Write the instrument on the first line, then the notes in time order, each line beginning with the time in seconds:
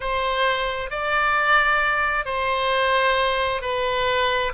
oboe
0.00 C5
0.90 D5
2.25 C5
3.61 B4